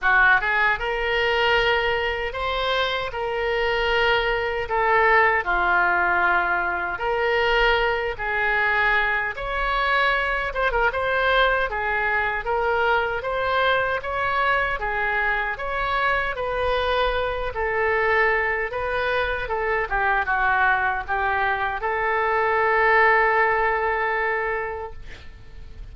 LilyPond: \new Staff \with { instrumentName = "oboe" } { \time 4/4 \tempo 4 = 77 fis'8 gis'8 ais'2 c''4 | ais'2 a'4 f'4~ | f'4 ais'4. gis'4. | cis''4. c''16 ais'16 c''4 gis'4 |
ais'4 c''4 cis''4 gis'4 | cis''4 b'4. a'4. | b'4 a'8 g'8 fis'4 g'4 | a'1 | }